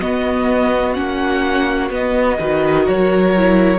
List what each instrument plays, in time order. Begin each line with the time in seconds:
0.00 viola B3, cello B3, violin F#4 D#5
0.93 cello A#3, viola C#4, violin F#5
1.90 viola B3, cello B3, violin D#5
2.39 cello D#3, viola F#4, violin B4
2.85 cello F#3, violin A#4 C#5
3.37 viola E4